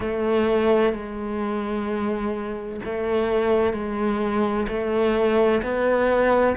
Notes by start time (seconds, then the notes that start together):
0.00 A3
0.92 G#3
2.85 A3
3.73 G#3
4.67 A3
5.62 B3